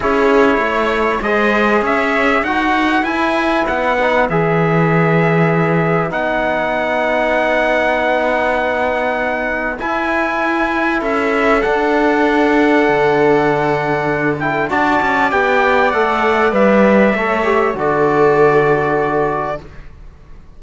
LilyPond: <<
  \new Staff \with { instrumentName = "trumpet" } { \time 4/4 \tempo 4 = 98 cis''2 dis''4 e''4 | fis''4 gis''4 fis''4 e''4~ | e''2 fis''2~ | fis''1 |
gis''2 e''4 fis''4~ | fis''2.~ fis''8 g''8 | a''4 g''4 fis''4 e''4~ | e''4 d''2. | }
  \new Staff \with { instrumentName = "viola" } { \time 4/4 gis'4 cis''4 c''4 cis''4 | b'1~ | b'1~ | b'1~ |
b'2 a'2~ | a'1 | d''1 | cis''4 a'2. | }
  \new Staff \with { instrumentName = "trombone" } { \time 4/4 e'2 gis'2 | fis'4 e'4. dis'8 gis'4~ | gis'2 dis'2~ | dis'1 |
e'2. d'4~ | d'2.~ d'8 e'8 | fis'4 g'4 a'4 b'4 | a'8 g'8 fis'2. | }
  \new Staff \with { instrumentName = "cello" } { \time 4/4 cis'4 a4 gis4 cis'4 | dis'4 e'4 b4 e4~ | e2 b2~ | b1 |
e'2 cis'4 d'4~ | d'4 d2. | d'8 cis'8 b4 a4 g4 | a4 d2. | }
>>